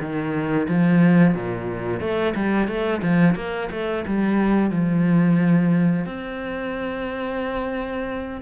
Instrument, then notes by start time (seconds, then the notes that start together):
cello
0.00 D#3
0.68 F3
1.34 A#2
2.00 A3
2.35 G3
2.68 A3
3.02 F3
3.35 A#3
3.71 A3
4.07 G3
4.71 F3
6.06 C4